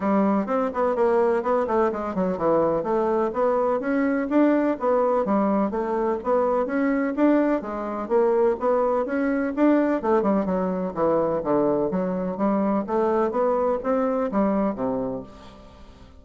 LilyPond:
\new Staff \with { instrumentName = "bassoon" } { \time 4/4 \tempo 4 = 126 g4 c'8 b8 ais4 b8 a8 | gis8 fis8 e4 a4 b4 | cis'4 d'4 b4 g4 | a4 b4 cis'4 d'4 |
gis4 ais4 b4 cis'4 | d'4 a8 g8 fis4 e4 | d4 fis4 g4 a4 | b4 c'4 g4 c4 | }